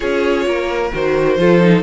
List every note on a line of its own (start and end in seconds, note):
0.00 0.46 C#4
0.00 0.90 F4
0.00 0.45 G#4
0.00 0.91 C#5
0.46 0.92 A#3
0.46 1.38 A#4
0.92 1.37 D#3
0.92 1.38 F#4
0.92 1.82 C5
1.37 1.82 F3
1.37 1.60 F4
1.37 1.82 A4
1.60 1.82 D#4